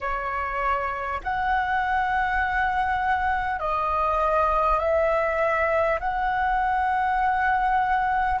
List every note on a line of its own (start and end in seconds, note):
0.00 1.20 C#5
1.23 3.59 F#5
3.59 4.79 D#5
4.79 5.99 E5
6.00 8.40 F#5